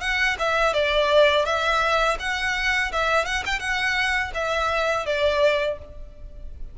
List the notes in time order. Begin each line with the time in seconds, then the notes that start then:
0.00 F#5
0.38 E5
0.73 D5
1.45 E5
2.19 F#5
2.92 E5
3.25 F#5
3.46 G5
3.59 F#5
4.34 E5
5.06 D5